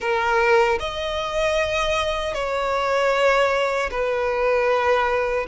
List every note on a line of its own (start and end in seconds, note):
0.00 0.78 A#4
0.79 2.34 D#5
2.34 3.90 C#5
3.90 5.46 B4